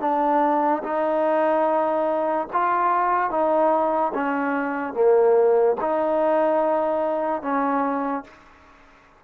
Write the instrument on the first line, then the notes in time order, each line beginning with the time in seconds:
trombone
0.00 D4
0.83 D#4
2.52 F4
3.30 D#4
4.14 C#4
4.93 A#3
5.80 D#4
7.42 C#4